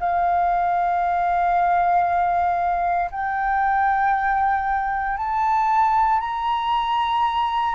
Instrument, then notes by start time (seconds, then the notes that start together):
flute
0.00 F5
3.11 G5
5.17 A5
6.20 A#5